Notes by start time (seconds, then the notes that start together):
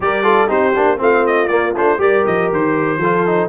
0.00 G3 G4 A#4 D5
0.23 F4 A4
0.47 C4 D#4 G4 C5
0.75 A#3 D4
0.97 A3 C4 F4 F5
1.26 D#5
1.47 A#3 D5
1.76 A3 D4 C5
1.98 G3 G4 A#4 D5
2.26 F3 D#5
2.52 D#3 C5
2.97 F3 F4 A4
3.26 D#4